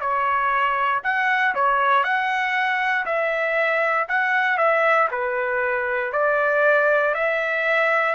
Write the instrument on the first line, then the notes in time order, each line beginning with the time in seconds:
trumpet
0.00 C#5
1.03 F#5
1.54 C#5
2.03 F#5
3.06 E5
4.08 F#5
4.57 E5
5.11 B4
6.12 D5
7.14 E5